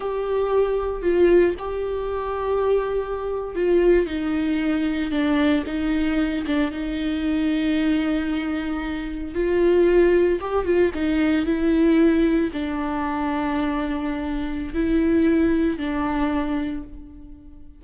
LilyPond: \new Staff \with { instrumentName = "viola" } { \time 4/4 \tempo 4 = 114 g'2 f'4 g'4~ | g'2~ g'8. f'4 dis'16~ | dis'4.~ dis'16 d'4 dis'4~ dis'16~ | dis'16 d'8 dis'2.~ dis'16~ |
dis'4.~ dis'16 f'2 g'16~ | g'16 f'8 dis'4 e'2 d'16~ | d'1 | e'2 d'2 | }